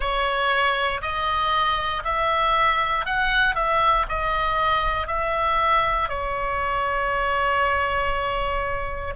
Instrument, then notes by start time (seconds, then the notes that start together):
oboe
0.00 C#5
1.01 D#5
2.03 E5
3.05 F#5
3.55 E5
4.09 D#5
5.07 E5
6.08 C#5